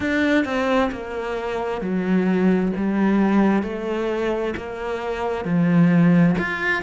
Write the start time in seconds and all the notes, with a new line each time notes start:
0.00 D4
0.45 C4
0.91 A#3
1.81 F#3
2.76 G3
3.62 A3
4.56 A#3
5.44 F3
6.38 F4